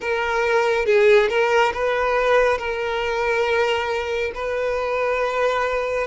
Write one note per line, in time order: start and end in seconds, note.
0.00 0.85 A#4
0.85 1.28 G#4
1.28 1.72 A#4
1.73 2.58 B4
2.58 4.32 A#4
4.34 6.07 B4